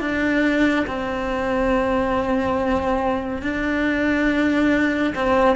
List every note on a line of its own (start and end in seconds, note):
0.00 0.86 D4
0.87 3.42 C4
3.42 5.14 D4
5.15 5.56 C4